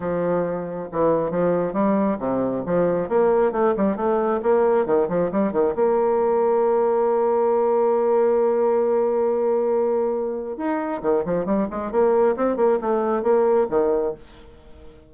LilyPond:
\new Staff \with { instrumentName = "bassoon" } { \time 4/4 \tempo 4 = 136 f2 e4 f4 | g4 c4 f4 ais4 | a8 g8 a4 ais4 dis8 f8 | g8 dis8 ais2.~ |
ais1~ | ais1 | dis'4 dis8 f8 g8 gis8 ais4 | c'8 ais8 a4 ais4 dis4 | }